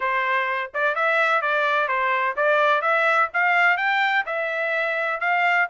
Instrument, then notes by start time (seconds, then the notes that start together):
trumpet
0.00 C5
0.73 D5
0.95 E5
1.41 D5
1.88 C5
2.36 D5
2.81 E5
3.33 F5
3.77 G5
4.26 E5
5.20 F5